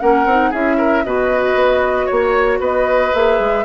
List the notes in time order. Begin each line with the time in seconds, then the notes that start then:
0.00 A#3 C#4 A#4 F#5
0.25 C4 D#4
0.50 C#4 E4 G#4 E5
0.77 A#4
1.04 B2 F#4 B4 D#5
1.55 B3
2.06 A#3 C#5
2.60 B3 B4 D#5
3.14 A#3 G#4 E5
3.40 G#3